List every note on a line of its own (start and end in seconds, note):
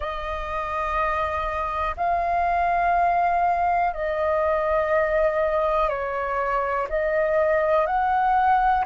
0.00 1.95 D#5
1.97 3.93 F5
3.93 5.89 D#5
5.89 6.87 C#5
6.89 7.86 D#5
7.86 8.84 F#5